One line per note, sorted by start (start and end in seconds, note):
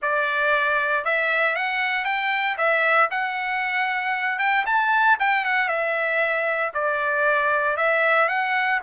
0.01 1.04 D5
1.04 1.55 E5
1.55 2.04 F#5
2.04 2.56 G5
2.57 3.09 E5
3.10 4.38 F#5
4.38 4.64 G5
4.66 5.17 A5
5.19 5.45 G5
5.45 5.68 F#5
5.68 6.71 E5
6.74 7.76 D5
7.76 8.28 E5
8.28 8.80 F#5